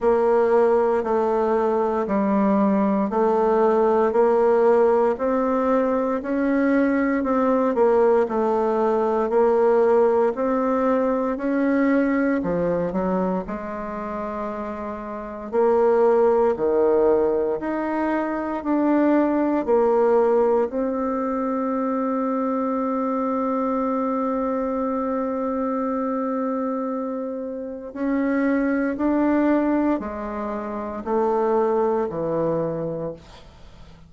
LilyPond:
\new Staff \with { instrumentName = "bassoon" } { \time 4/4 \tempo 4 = 58 ais4 a4 g4 a4 | ais4 c'4 cis'4 c'8 ais8 | a4 ais4 c'4 cis'4 | f8 fis8 gis2 ais4 |
dis4 dis'4 d'4 ais4 | c'1~ | c'2. cis'4 | d'4 gis4 a4 e4 | }